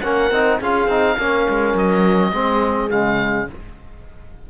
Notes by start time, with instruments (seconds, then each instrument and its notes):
0.00 cello A#3, trombone C#4, horn A#4, oboe F#5
0.31 cello C4, trombone D#4
0.59 cello C#4, trombone F4, horn G#4, oboe F5
0.87 cello C4, trombone D#4
1.17 cello A#3, trombone C#4, horn A#4
1.49 cello G#3
1.74 cello F#3, oboe D#5
2.32 cello G#3, trombone C4, horn G#4
2.90 cello C#3, trombone G#3, oboe F5